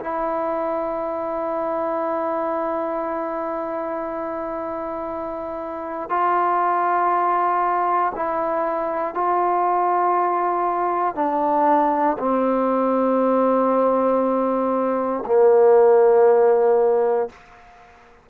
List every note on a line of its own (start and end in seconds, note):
0.00 6.09 E4
6.09 8.13 F4
8.16 9.14 E4
9.14 11.15 F4
11.15 12.17 D4
12.19 15.24 C4
15.26 17.30 A#3